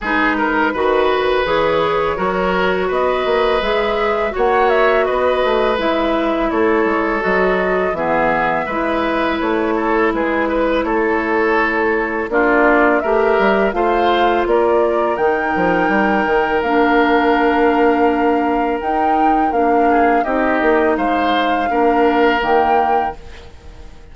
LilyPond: <<
  \new Staff \with { instrumentName = "flute" } { \time 4/4 \tempo 4 = 83 b'2 cis''2 | dis''4 e''4 fis''8 e''8 dis''4 | e''4 cis''4 dis''4 e''4~ | e''4 cis''4 b'4 cis''4~ |
cis''4 d''4 e''4 f''4 | d''4 g''2 f''4~ | f''2 g''4 f''4 | dis''4 f''2 g''4 | }
  \new Staff \with { instrumentName = "oboe" } { \time 4/4 gis'8 ais'8 b'2 ais'4 | b'2 cis''4 b'4~ | b'4 a'2 gis'4 | b'4. a'8 gis'8 b'8 a'4~ |
a'4 f'4 ais'4 c''4 | ais'1~ | ais'2.~ ais'8 gis'8 | g'4 c''4 ais'2 | }
  \new Staff \with { instrumentName = "clarinet" } { \time 4/4 dis'4 fis'4 gis'4 fis'4~ | fis'4 gis'4 fis'2 | e'2 fis'4 b4 | e'1~ |
e'4 d'4 g'4 f'4~ | f'4 dis'2 d'4~ | d'2 dis'4 d'4 | dis'2 d'4 ais4 | }
  \new Staff \with { instrumentName = "bassoon" } { \time 4/4 gis4 dis4 e4 fis4 | b8 ais8 gis4 ais4 b8 a8 | gis4 a8 gis8 fis4 e4 | gis4 a4 gis4 a4~ |
a4 ais4 a8 g8 a4 | ais4 dis8 f8 g8 dis8 ais4~ | ais2 dis'4 ais4 | c'8 ais8 gis4 ais4 dis4 | }
>>